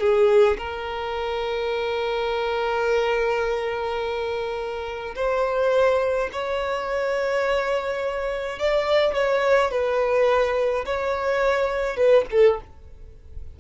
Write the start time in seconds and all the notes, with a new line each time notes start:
0.00 G#4
0.58 A#4
5.15 C5
6.32 C#5
8.59 D5
9.14 C#5
9.71 B4
10.85 C#5
11.96 B4
12.31 A4